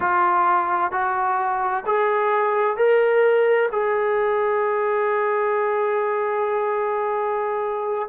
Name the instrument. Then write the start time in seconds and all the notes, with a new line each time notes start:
trombone
0.00 F4
0.91 F#4
1.86 G#4
2.77 A#4
3.71 G#4